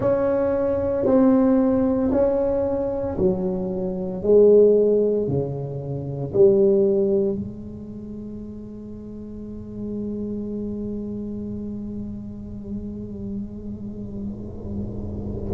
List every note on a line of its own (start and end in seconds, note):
0.00 1.05 C#4
1.05 2.11 C4
2.11 3.16 C#4
3.18 4.22 F#3
4.22 5.27 G#3
5.27 6.33 C#3
6.33 7.35 G3
7.35 15.51 G#3